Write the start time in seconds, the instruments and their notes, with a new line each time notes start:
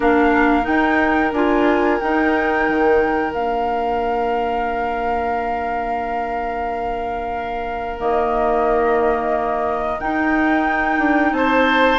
0.00 bassoon A#3, clarinet D4, oboe A#4, flute F5
0.62 clarinet D#4, bassoon D#4, flute G5
1.32 bassoon D4, clarinet F4, flute G#5
1.99 clarinet D#4, bassoon D#4, flute G5
2.68 bassoon D#3
3.32 bassoon A#3, clarinet D4, flute F5
7.98 bassoon D#3, clarinet A#3, flute D#5
9.99 clarinet D#4, bassoon D#4, flute G5
10.98 bassoon D4
11.32 bassoon C4, oboe C5, flute A5